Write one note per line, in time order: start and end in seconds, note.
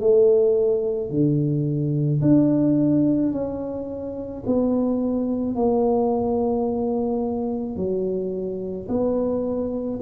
0.00 1.10 A3
1.10 2.21 D3
2.21 3.32 D4
3.32 4.43 C#4
4.46 5.56 B3
5.56 7.76 A#3
7.76 8.87 F#3
8.88 9.99 B3